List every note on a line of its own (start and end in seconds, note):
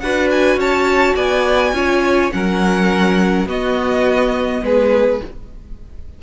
0.00 0.56 D4
0.00 1.75 F#4
0.00 0.60 B4
0.00 0.29 F#5
0.31 0.60 G#5
0.56 1.14 C#4
0.56 1.15 C#5
0.56 1.16 A5
1.15 1.73 B3
1.15 1.73 D5
1.15 2.31 G#5
1.73 2.31 C#4
1.73 2.32 F4
1.73 2.34 C#5
2.32 3.46 F#3
2.32 3.47 C#4
2.32 3.48 A#4
2.32 3.48 F#5
3.46 4.62 B3
3.46 5.21 B3
3.46 4.63 F#4
3.46 4.65 D#5
4.63 5.21 G#3
4.63 5.22 G#4
4.63 5.23 B4